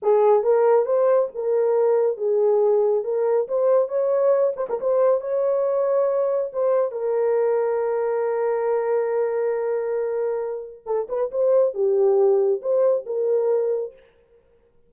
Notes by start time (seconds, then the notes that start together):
0.02 G#4
0.43 A#4
0.85 C5
1.34 A#4
2.17 G#4
3.04 A#4
3.48 C5
3.88 C#5
4.56 C5
4.69 A#4
4.80 C5
5.20 C#5
6.52 C5
6.91 A#4
10.86 A4
11.08 B4
11.31 C5
11.74 G4
12.61 C5
13.06 A#4